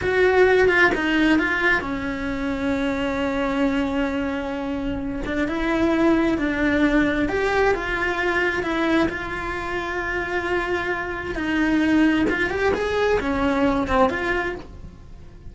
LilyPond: \new Staff \with { instrumentName = "cello" } { \time 4/4 \tempo 4 = 132 fis'4. f'8 dis'4 f'4 | cis'1~ | cis'2.~ cis'8 d'8 | e'2 d'2 |
g'4 f'2 e'4 | f'1~ | f'4 dis'2 f'8 g'8 | gis'4 cis'4. c'8 f'4 | }